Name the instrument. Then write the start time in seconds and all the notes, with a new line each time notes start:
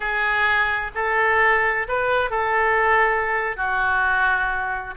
oboe
0.00 G#4
0.94 A4
1.88 B4
2.30 A4
3.56 F#4